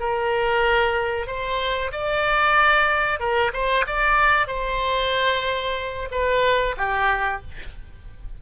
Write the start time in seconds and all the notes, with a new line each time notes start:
0.00 A#4
1.27 C5
1.92 D5
3.20 A#4
3.53 C5
3.87 D5
4.48 C5
6.11 B4
6.77 G4